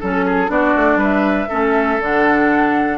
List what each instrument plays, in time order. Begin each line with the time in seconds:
0.00 bassoon F#3, clarinet C#4, oboe A4, flute A4
0.26 oboe G#4
0.47 bassoon B3, clarinet D4, oboe F#4, flute D5
0.76 bassoon A3
0.96 bassoon G3, oboe B4
1.03 flute E5
1.49 bassoon A3, clarinet C#4, oboe A4
1.99 bassoon D3, clarinet D4, flute F#5